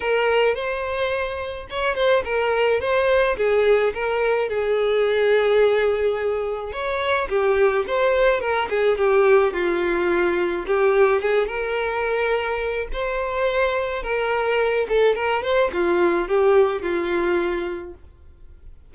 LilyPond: \new Staff \with { instrumentName = "violin" } { \time 4/4 \tempo 4 = 107 ais'4 c''2 cis''8 c''8 | ais'4 c''4 gis'4 ais'4 | gis'1 | cis''4 g'4 c''4 ais'8 gis'8 |
g'4 f'2 g'4 | gis'8 ais'2~ ais'8 c''4~ | c''4 ais'4. a'8 ais'8 c''8 | f'4 g'4 f'2 | }